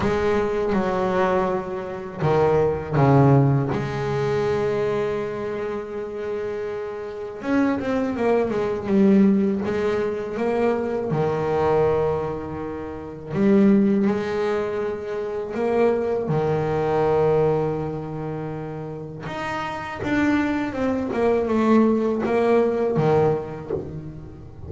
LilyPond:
\new Staff \with { instrumentName = "double bass" } { \time 4/4 \tempo 4 = 81 gis4 fis2 dis4 | cis4 gis2.~ | gis2 cis'8 c'8 ais8 gis8 | g4 gis4 ais4 dis4~ |
dis2 g4 gis4~ | gis4 ais4 dis2~ | dis2 dis'4 d'4 | c'8 ais8 a4 ais4 dis4 | }